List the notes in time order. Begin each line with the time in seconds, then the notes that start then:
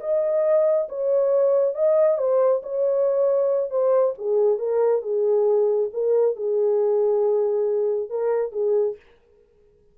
0.00 D#5
0.89 C#5
1.74 D#5
2.18 C5
2.63 C#5
3.70 C5
4.18 G#4
4.58 A#4
5.02 G#4
5.93 A#4
6.36 G#4
8.09 A#4
8.52 G#4